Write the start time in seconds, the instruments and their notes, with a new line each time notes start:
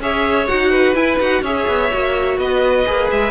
0.00 cello C#4, viola G#4, violin C#5 E5
0.47 cello D#4, viola F#4, violin F#5
0.71 violin B4
0.95 cello E4, viola E4, violin G#5
1.20 cello D#4, viola F#4, violin F#5
1.42 cello C#4, viola G#4, violin C#5 E5
1.67 cello B3
1.93 cello A#3, viola F#4
2.38 cello B3, violin B4 D#5
2.86 cello A#3, viola G#4
3.11 cello G#3, violin E5